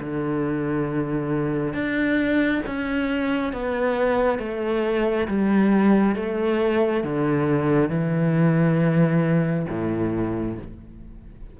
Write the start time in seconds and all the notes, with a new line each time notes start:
0.00 D3
1.73 D4
2.66 C#4
3.53 B3
4.38 A3
5.27 G3
6.15 A3
7.03 D3
7.89 E3
9.69 A2